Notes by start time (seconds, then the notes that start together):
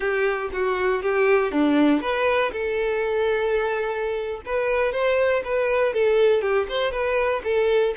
0.00 G4
0.52 F#4
1.02 G4
1.51 D4
2.01 B4
2.52 A4
4.45 B4
4.92 C5
5.44 B4
5.93 A4
6.41 G4
6.69 C5
6.91 B4
7.44 A4